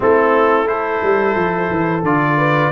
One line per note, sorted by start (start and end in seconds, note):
0.00 1.01 A3
0.00 0.65 C4
0.00 0.67 E4
0.00 0.67 A4
0.65 2.02 E4
0.65 2.37 A4
0.65 2.04 C5
1.03 1.35 G3
1.35 1.69 F3
1.70 2.03 E3
2.03 2.71 D3
2.03 2.71 F4
2.03 2.71 D5
2.37 2.71 B4